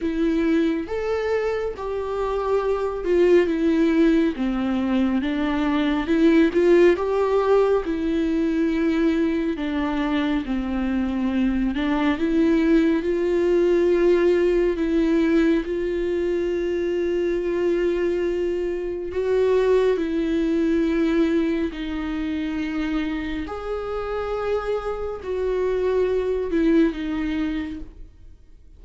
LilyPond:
\new Staff \with { instrumentName = "viola" } { \time 4/4 \tempo 4 = 69 e'4 a'4 g'4. f'8 | e'4 c'4 d'4 e'8 f'8 | g'4 e'2 d'4 | c'4. d'8 e'4 f'4~ |
f'4 e'4 f'2~ | f'2 fis'4 e'4~ | e'4 dis'2 gis'4~ | gis'4 fis'4. e'8 dis'4 | }